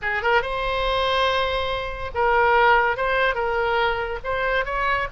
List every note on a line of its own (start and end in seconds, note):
0.02 0.22 G#4
0.22 0.42 A#4
0.42 2.11 C5
2.14 2.96 A#4
2.96 3.34 C5
3.34 4.19 A#4
4.24 4.65 C5
4.65 5.07 C#5